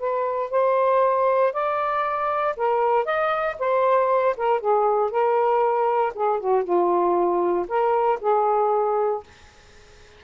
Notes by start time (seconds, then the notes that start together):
0.00 B4
0.51 C5
1.53 D5
2.57 A#4
3.05 D#5
3.59 C5
4.38 A#4
4.60 G#4
5.11 A#4
6.15 G#4
6.40 F#4
6.64 F4
7.69 A#4
8.21 G#4